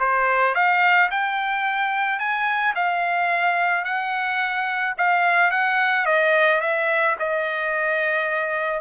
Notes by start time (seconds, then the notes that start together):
0.00 C5
0.55 F5
1.11 G5
2.19 G#5
2.76 F5
3.85 F#5
4.98 F5
5.51 F#5
6.06 D#5
6.62 E5
7.20 D#5